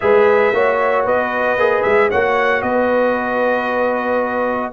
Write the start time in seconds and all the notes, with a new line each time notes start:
0.00 G#3 G#4 B4 E5
0.52 A#3 F#4 C#5
1.05 B3 B4 D#5
1.56 A#3 G#4
1.82 G#3 E5
2.09 A#3 F#4 C#5 F#5
2.61 B3 B4 D#5